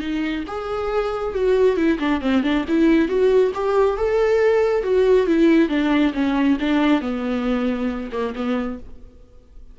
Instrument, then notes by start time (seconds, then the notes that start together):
viola
0.00 D#4
0.47 G#4
1.35 F#4
1.77 E4
1.99 D4
2.21 C4
2.43 D4
2.68 E4
3.08 F#4
3.54 G4
3.97 A4
4.83 F#4
5.27 E4
5.69 D4
6.14 C#4
6.60 D4
7.01 B3
8.12 A#3
8.35 B3